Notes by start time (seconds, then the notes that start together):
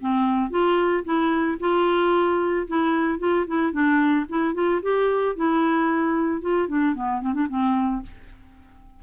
0.00 C4
0.50 F4
1.04 E4
1.60 F4
2.67 E4
3.19 F4
3.47 E4
3.72 D4
4.29 E4
4.54 F4
4.82 G4
5.36 E4
6.41 F4
6.68 D4
6.95 B3
7.22 C4
7.34 D4
7.49 C4